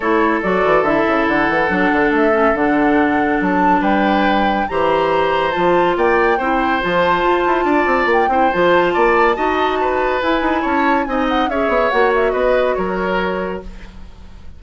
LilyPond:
<<
  \new Staff \with { instrumentName = "flute" } { \time 4/4 \tempo 4 = 141 cis''4 d''4 e''4 fis''4~ | fis''4 e''4 fis''2 | a''4 g''2 ais''4~ | ais''4 a''4 g''2 |
a''2. g''4 | a''1 | gis''4 a''4 gis''8 fis''8 e''4 | fis''8 e''8 dis''4 cis''2 | }
  \new Staff \with { instrumentName = "oboe" } { \time 4/4 a'1~ | a'1~ | a'4 b'2 c''4~ | c''2 d''4 c''4~ |
c''2 d''4. c''8~ | c''4 d''4 dis''4 b'4~ | b'4 cis''4 dis''4 cis''4~ | cis''4 b'4 ais'2 | }
  \new Staff \with { instrumentName = "clarinet" } { \time 4/4 e'4 fis'4 e'2 | d'4. cis'8 d'2~ | d'2. g'4~ | g'4 f'2 e'4 |
f'2.~ f'8 e'8 | f'2 fis'2 | e'2 dis'4 gis'4 | fis'1 | }
  \new Staff \with { instrumentName = "bassoon" } { \time 4/4 a4 fis8 e8 d8 cis8 d8 e8 | fis8 d8 a4 d2 | fis4 g2 e4~ | e4 f4 ais4 c'4 |
f4 f'8 e'8 d'8 c'8 ais8 c'8 | f4 ais4 dis'2 | e'8 dis'8 cis'4 c'4 cis'8 b8 | ais4 b4 fis2 | }
>>